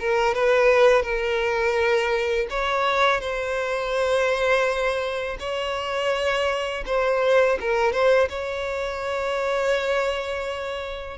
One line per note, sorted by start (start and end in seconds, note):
0.00 0.35 A#4
0.35 1.03 B4
1.03 2.47 A#4
2.50 3.21 C#5
3.21 5.38 C5
5.40 6.84 C#5
6.86 7.58 C5
7.60 7.92 A#4
7.92 8.28 C5
8.29 11.18 C#5